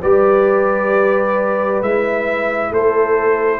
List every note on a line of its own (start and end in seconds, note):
0.00 1.81 G3
0.00 1.84 G4
0.00 2.72 B4
0.00 1.82 D5
1.81 2.70 G#3
1.81 3.59 E4
1.81 2.73 E5
2.70 3.59 A3
2.70 3.59 A4
2.70 3.59 C5